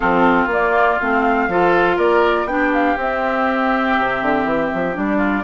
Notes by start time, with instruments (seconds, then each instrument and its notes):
0.00 bassoon F3, clarinet C4, oboe F4, flute A4
0.46 bassoon A#3, clarinet A#3
0.52 flute D5
0.99 bassoon A3, clarinet C4, flute F5
1.48 bassoon F3, clarinet F4, oboe A4
1.96 bassoon A#3, oboe A#4, flute D5
2.44 bassoon B3, clarinet D4, flute G5
2.53 oboe G4
2.73 flute F5
2.97 bassoon C4, clarinet C4, flute E5
3.98 bassoon C3
4.22 bassoon D3
4.44 bassoon E3
4.73 bassoon F3
4.93 bassoon G3, clarinet D4, flute D5
5.17 oboe F4